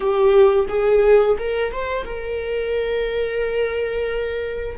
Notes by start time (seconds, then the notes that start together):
0.00 G4
0.68 G#4
1.38 A#4
1.71 C5
2.04 A#4